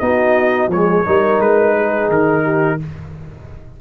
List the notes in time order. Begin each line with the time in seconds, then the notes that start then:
0.00 B3 D#4 F#4 D#5
0.68 F3 G#3 G#4 C#5
1.06 G3 D#4 A#4
1.40 G#3 B4
1.77 G#4
2.09 D#3 A#4
2.44 G4